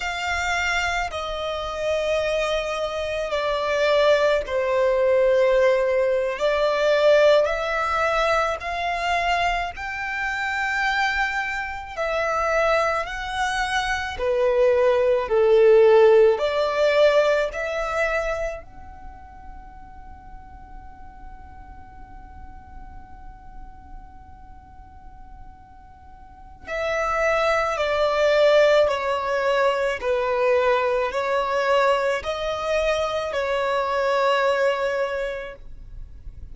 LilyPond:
\new Staff \with { instrumentName = "violin" } { \time 4/4 \tempo 4 = 54 f''4 dis''2 d''4 | c''4.~ c''16 d''4 e''4 f''16~ | f''8. g''2 e''4 fis''16~ | fis''8. b'4 a'4 d''4 e''16~ |
e''8. fis''2.~ fis''16~ | fis''1 | e''4 d''4 cis''4 b'4 | cis''4 dis''4 cis''2 | }